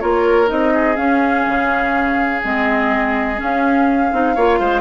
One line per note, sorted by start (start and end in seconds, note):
0.00 0.51 A#3
0.00 0.47 F4
0.00 0.73 A#4
0.00 0.48 C#5
0.47 0.97 C4
0.47 0.95 D#4
0.47 0.97 D#5
0.74 4.35 G#4
0.97 2.42 C#4
0.97 1.46 C#4
0.97 2.42 F5
1.48 2.44 C#3
2.44 3.41 G#3
2.44 3.36 C4
2.44 3.41 D#5
3.36 4.09 C#4
3.36 4.12 C#4
3.43 4.81 F5
4.11 4.37 C4
4.11 4.36 D#4
4.35 4.60 A#3
4.35 4.81 F4
4.35 4.59 C#5
4.60 4.81 G#3
4.60 4.81 C5